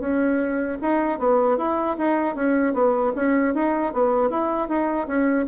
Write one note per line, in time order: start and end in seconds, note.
0.00 0.78 C#4
0.82 1.19 D#4
1.19 1.58 B3
1.58 1.97 E4
1.98 2.36 D#4
2.36 2.73 C#4
2.73 3.12 B3
3.16 3.55 C#4
3.55 3.93 D#4
3.93 4.30 B3
4.30 4.69 E4
4.69 5.07 D#4
5.07 5.46 C#4